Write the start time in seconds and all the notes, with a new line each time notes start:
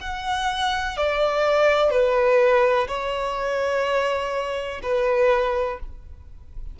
0.00 F#5
0.96 D5
1.90 B4
2.87 C#5
4.82 B4